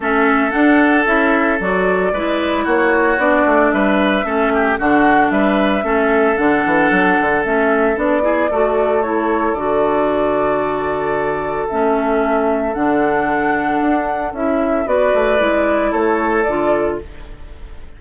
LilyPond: <<
  \new Staff \with { instrumentName = "flute" } { \time 4/4 \tempo 4 = 113 e''4 fis''4 e''4 d''4~ | d''4 cis''4 d''4 e''4~ | e''4 fis''4 e''2 | fis''2 e''4 d''4~ |
d''4 cis''4 d''2~ | d''2 e''2 | fis''2. e''4 | d''2 cis''4 d''4 | }
  \new Staff \with { instrumentName = "oboe" } { \time 4/4 a'1 | b'4 fis'2 b'4 | a'8 g'8 fis'4 b'4 a'4~ | a'2.~ a'8 gis'8 |
a'1~ | a'1~ | a'1 | b'2 a'2 | }
  \new Staff \with { instrumentName = "clarinet" } { \time 4/4 cis'4 d'4 e'4 fis'4 | e'2 d'2 | cis'4 d'2 cis'4 | d'2 cis'4 d'8 e'8 |
fis'4 e'4 fis'2~ | fis'2 cis'2 | d'2. e'4 | fis'4 e'2 f'4 | }
  \new Staff \with { instrumentName = "bassoon" } { \time 4/4 a4 d'4 cis'4 fis4 | gis4 ais4 b8 a8 g4 | a4 d4 g4 a4 | d8 e8 fis8 d8 a4 b4 |
a2 d2~ | d2 a2 | d2 d'4 cis'4 | b8 a8 gis4 a4 d4 | }
>>